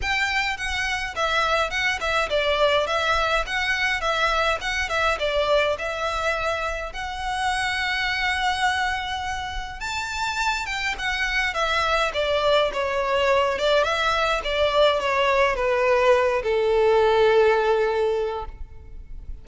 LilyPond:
\new Staff \with { instrumentName = "violin" } { \time 4/4 \tempo 4 = 104 g''4 fis''4 e''4 fis''8 e''8 | d''4 e''4 fis''4 e''4 | fis''8 e''8 d''4 e''2 | fis''1~ |
fis''4 a''4. g''8 fis''4 | e''4 d''4 cis''4. d''8 | e''4 d''4 cis''4 b'4~ | b'8 a'2.~ a'8 | }